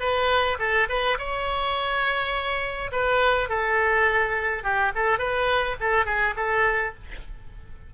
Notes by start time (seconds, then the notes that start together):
0.00 B4
0.59 A4
0.89 B4
1.18 C#5
2.92 B4
3.49 A4
4.63 G4
4.95 A4
5.19 B4
5.80 A4
6.06 G#4
6.36 A4